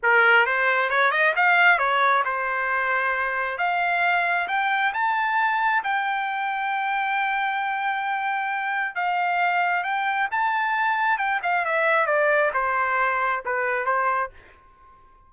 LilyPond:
\new Staff \with { instrumentName = "trumpet" } { \time 4/4 \tempo 4 = 134 ais'4 c''4 cis''8 dis''8 f''4 | cis''4 c''2. | f''2 g''4 a''4~ | a''4 g''2.~ |
g''1 | f''2 g''4 a''4~ | a''4 g''8 f''8 e''4 d''4 | c''2 b'4 c''4 | }